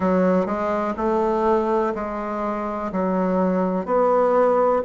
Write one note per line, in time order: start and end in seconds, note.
0.00 0.46 F#3
0.46 0.94 G#3
0.97 1.94 A3
1.94 2.91 G#3
2.92 3.85 F#3
3.85 4.82 B3